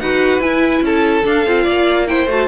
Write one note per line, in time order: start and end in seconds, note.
0.00 0.39 D#4
0.00 0.41 F#4
0.00 0.84 B4
0.00 0.41 F#5
0.39 0.80 E4
0.39 1.24 E4
0.39 0.83 G#5
0.81 1.23 C#4
0.81 1.64 A4
0.81 1.26 A5
1.24 1.45 D4
1.24 1.46 D4
1.24 2.07 F5
1.46 1.67 C4
1.46 2.07 F4
1.64 2.27 A#3
1.64 2.05 D5
2.07 2.28 E4
2.07 2.48 C5
2.07 2.28 G5
2.27 2.47 A3
2.27 2.48 F#4
2.27 2.48 A5